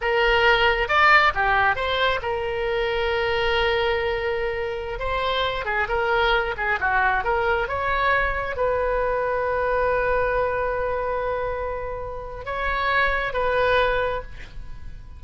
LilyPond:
\new Staff \with { instrumentName = "oboe" } { \time 4/4 \tempo 4 = 135 ais'2 d''4 g'4 | c''4 ais'2.~ | ais'2.~ ais'16 c''8.~ | c''8. gis'8 ais'4. gis'8 fis'8.~ |
fis'16 ais'4 cis''2 b'8.~ | b'1~ | b'1 | cis''2 b'2 | }